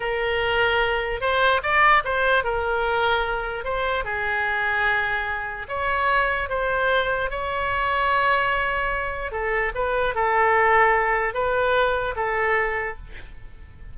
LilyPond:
\new Staff \with { instrumentName = "oboe" } { \time 4/4 \tempo 4 = 148 ais'2. c''4 | d''4 c''4 ais'2~ | ais'4 c''4 gis'2~ | gis'2 cis''2 |
c''2 cis''2~ | cis''2. a'4 | b'4 a'2. | b'2 a'2 | }